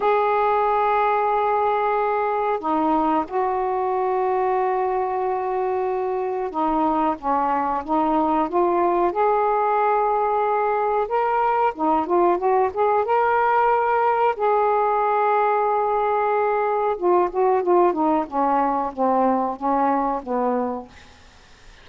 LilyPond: \new Staff \with { instrumentName = "saxophone" } { \time 4/4 \tempo 4 = 92 gis'1 | dis'4 fis'2.~ | fis'2 dis'4 cis'4 | dis'4 f'4 gis'2~ |
gis'4 ais'4 dis'8 f'8 fis'8 gis'8 | ais'2 gis'2~ | gis'2 f'8 fis'8 f'8 dis'8 | cis'4 c'4 cis'4 b4 | }